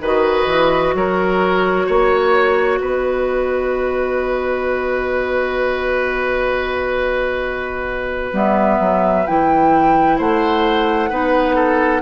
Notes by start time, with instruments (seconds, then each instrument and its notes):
0.00 bassoon D#3, clarinet F#4, oboe B4, flute D#5
0.47 bassoon E3
0.94 bassoon F#3, oboe A#4, flute C#5
1.86 bassoon A#3, oboe C#5
2.78 bassoon B3, oboe B4, flute D#5
8.32 bassoon G3, clarinet B3, flute E5
8.79 bassoon F#3
9.26 bassoon E3, clarinet E4, flute G5
10.17 bassoon A3, oboe C5, flute F#5
11.09 bassoon B3, clarinet D#4, oboe B4
11.55 oboe A4